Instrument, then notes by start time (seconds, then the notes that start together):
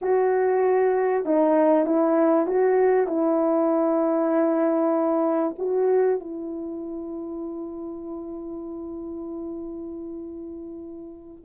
horn
0.01 F#4
1.25 D#4
1.85 E4
2.47 F#4
3.07 E4
5.58 F#4
6.20 E4